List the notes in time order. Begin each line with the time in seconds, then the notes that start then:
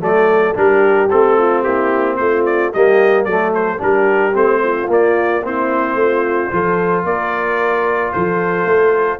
0.00 F#3 A3 D5
0.06 A4
0.55 G3 D4 G4 A#4
1.10 A3 C4 A4
1.38 F4
1.63 A#3 E4 G4
2.17 A3 F4 C5
2.46 D5
2.73 G3 A#3 G4 D#5
3.25 F#3 A3 A4 D5
3.55 C5
3.78 G3 D4 G4 A#4
4.33 A3 C4 C5
4.63 F4
4.88 A#3 D5
5.43 C4 E4 C5
5.95 A3 F4
6.52 F3 F4 A4
7.04 A#3 A#4 D5
8.12 F3 A4 C5
8.65 A3